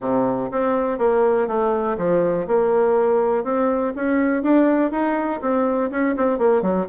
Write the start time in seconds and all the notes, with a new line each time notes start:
0.00 C3
0.51 C4
0.98 A#3
1.47 A3
1.97 F3
2.47 A#3
3.44 C4
3.95 C#4
4.42 D4
4.91 D#4
5.41 C4
5.90 C#4
6.16 C4
6.38 A#3
6.61 F#3